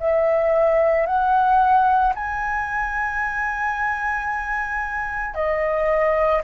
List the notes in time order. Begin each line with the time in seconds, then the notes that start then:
0.00 E5
1.07 F#5
2.15 G#5
5.35 D#5